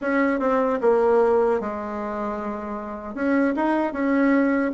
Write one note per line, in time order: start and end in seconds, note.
0.01 0.39 C#4
0.39 0.79 C4
0.81 1.60 A#3
1.60 3.14 G#3
3.14 3.54 C#4
3.55 3.93 D#4
3.93 4.72 C#4